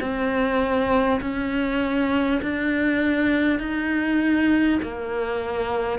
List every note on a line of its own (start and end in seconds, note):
0.00 1.20 C4
1.20 2.40 C#4
2.42 3.59 D4
3.59 4.79 D#4
4.82 5.99 A#3